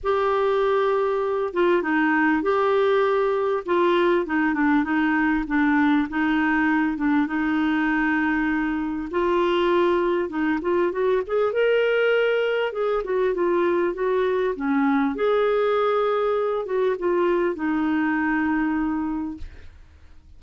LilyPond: \new Staff \with { instrumentName = "clarinet" } { \time 4/4 \tempo 4 = 99 g'2~ g'8 f'8 dis'4 | g'2 f'4 dis'8 d'8 | dis'4 d'4 dis'4. d'8 | dis'2. f'4~ |
f'4 dis'8 f'8 fis'8 gis'8 ais'4~ | ais'4 gis'8 fis'8 f'4 fis'4 | cis'4 gis'2~ gis'8 fis'8 | f'4 dis'2. | }